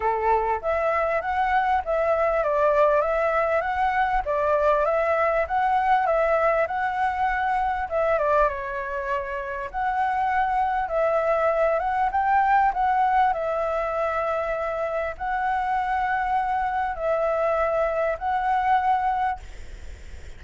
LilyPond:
\new Staff \with { instrumentName = "flute" } { \time 4/4 \tempo 4 = 99 a'4 e''4 fis''4 e''4 | d''4 e''4 fis''4 d''4 | e''4 fis''4 e''4 fis''4~ | fis''4 e''8 d''8 cis''2 |
fis''2 e''4. fis''8 | g''4 fis''4 e''2~ | e''4 fis''2. | e''2 fis''2 | }